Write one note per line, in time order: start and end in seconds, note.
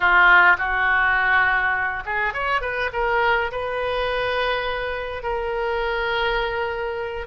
0.00 0.56 F4
0.57 2.03 F#4
2.05 2.33 G#4
2.33 2.61 C#5
2.61 2.90 B4
2.92 3.51 A#4
3.51 5.22 B4
5.22 7.26 A#4